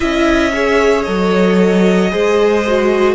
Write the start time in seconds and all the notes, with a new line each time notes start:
0.00 C#4 E4 D#5 E5
0.53 G#4 C#5
1.03 F#3 A4 D#5
2.09 G#3 G#4 C5
2.66 F#4